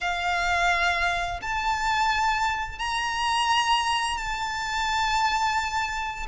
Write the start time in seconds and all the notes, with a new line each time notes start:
0.00 F5
1.41 A5
2.78 A#5
4.17 A5